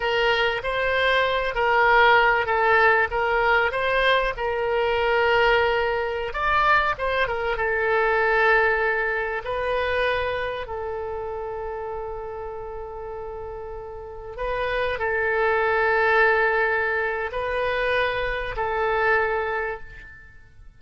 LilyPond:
\new Staff \with { instrumentName = "oboe" } { \time 4/4 \tempo 4 = 97 ais'4 c''4. ais'4. | a'4 ais'4 c''4 ais'4~ | ais'2~ ais'16 d''4 c''8 ais'16~ | ais'16 a'2. b'8.~ |
b'4~ b'16 a'2~ a'8.~ | a'2.~ a'16 b'8.~ | b'16 a'2.~ a'8. | b'2 a'2 | }